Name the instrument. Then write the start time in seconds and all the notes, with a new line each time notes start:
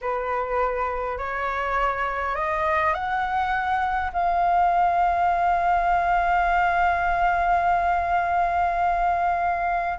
flute
0.01 B4
1.18 C#5
2.35 D#5
2.94 F#5
4.13 F5